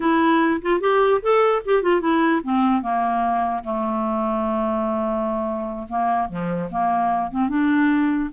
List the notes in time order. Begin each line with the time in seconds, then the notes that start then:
0.00 E4
0.62 F4
0.80 G4
1.22 A4
1.65 G4
1.82 F4
2.01 E4
2.43 C4
2.82 A#3
3.64 A3
5.88 A#3
6.28 F3
6.70 A#3
7.31 C4
7.48 D4